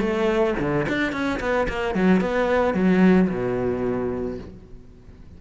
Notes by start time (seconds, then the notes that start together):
0.00 A3
0.59 D3
0.88 D4
1.13 C#4
1.40 B3
1.68 A#3
1.95 F#3
2.21 B3
2.74 F#3
3.29 B2